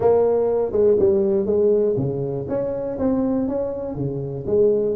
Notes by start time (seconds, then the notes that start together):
0.00 A#3
0.72 G#3
0.99 G3
1.46 G#3
1.97 C#3
2.48 C#4
2.98 C4
3.47 C#4
3.95 C#3
4.46 G#3